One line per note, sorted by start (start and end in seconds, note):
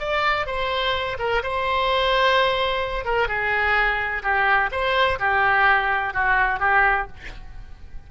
0.00 0.47 D5
0.47 1.18 C5
1.19 1.43 A#4
1.43 3.05 C5
3.05 3.28 A#4
3.28 4.23 G#4
4.23 4.70 G4
4.72 5.19 C5
5.20 6.14 G4
6.14 6.60 F#4
6.60 7.07 G4